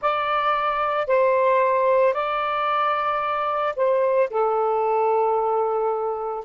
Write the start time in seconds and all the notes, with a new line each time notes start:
0.01 D5
1.07 C5
2.13 D5
3.75 C5
4.30 A4